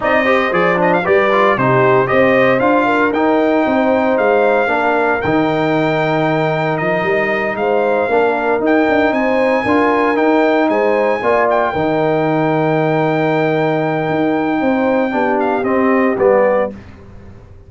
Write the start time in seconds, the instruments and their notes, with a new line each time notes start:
0.00 tuba C4, trombone D#4, horn D5, trumpet D#5
0.24 trombone G4, horn C5
0.51 tuba F3, trombone G#4, trumpet D5
0.76 trombone D4, trumpet D#5
0.93 trumpet F5
1.03 tuba G3, trombone G4, horn B4, trumpet D5
1.31 trombone F4
1.57 tuba C3, trombone D#4, horn G4, trumpet C5
2.06 tuba C4, trombone G4, horn C5, trumpet D#5
2.59 tuba D4, trombone F4, trumpet F5
2.85 horn A#4
3.12 tuba D#4, trombone D#4, trumpet G5
3.66 tuba C4, horn C5
4.17 tuba G#3, trumpet F5
4.67 tuba A#3, trombone D4, horn A#4
5.21 tuba D#3, trombone D#4, trumpet G5
6.77 tuba F3, trumpet D#5
7.03 tuba G3
7.55 tuba G#3, horn C5, trumpet F5
8.07 tuba A#3, trombone D4, horn A#4
8.59 tuba D#4, trombone D#4, trumpet G5
8.89 tuba D4
9.11 tuba C4, horn C5, trumpet G#5
9.63 tuba D4, trombone F4, horn A#4
10.15 trombone D#4, tuba D#4, trumpet G5
10.69 tuba G#3, horn C5, trumpet G#5
11.21 tuba A#3, trombone F4, horn D5
11.50 trumpet G5
11.72 tuba D#3, trombone D#4, horn A#4
14.09 tuba D#4
14.60 tuba C4, horn C5
15.11 tuba B3, trombone D4, horn G4
15.39 trumpet F5
15.63 tuba C4, trombone C4, trumpet D#5
16.17 tuba G3, trombone B3, trumpet D5